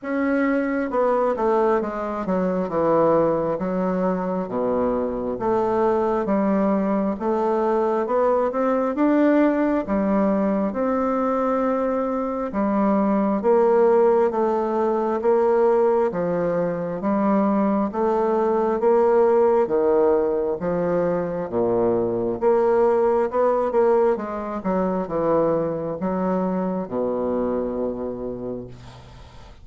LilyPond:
\new Staff \with { instrumentName = "bassoon" } { \time 4/4 \tempo 4 = 67 cis'4 b8 a8 gis8 fis8 e4 | fis4 b,4 a4 g4 | a4 b8 c'8 d'4 g4 | c'2 g4 ais4 |
a4 ais4 f4 g4 | a4 ais4 dis4 f4 | ais,4 ais4 b8 ais8 gis8 fis8 | e4 fis4 b,2 | }